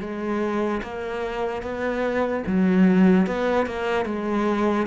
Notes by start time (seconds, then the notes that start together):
0.00 G#3
0.83 A#3
1.62 B3
2.47 F#3
3.27 B3
3.66 A#3
4.05 G#3